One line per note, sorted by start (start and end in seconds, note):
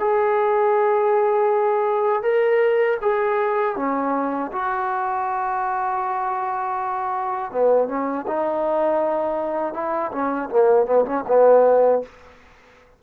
0.00 2.23 G#4
2.23 2.98 A#4
3.02 3.76 G#4
3.76 4.51 C#4
4.52 7.52 F#4
7.52 7.88 B3
7.88 8.26 C#4
8.28 9.74 D#4
9.74 10.11 E4
10.12 10.50 C#4
10.50 10.86 A#3
10.86 11.05 B3
11.05 11.24 C#4
11.28 12.03 B3